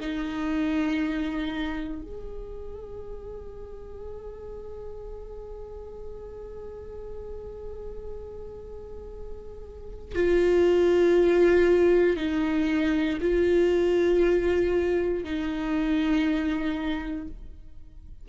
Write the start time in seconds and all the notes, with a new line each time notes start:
0.00 D#4
2.02 G#4
10.15 F4
12.17 D#4
13.21 F4
15.24 D#4